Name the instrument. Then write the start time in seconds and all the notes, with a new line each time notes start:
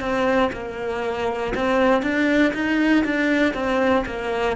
cello
0.00 C4
0.52 A#3
1.54 C4
2.02 D4
2.54 D#4
3.05 D4
3.54 C4
4.06 A#3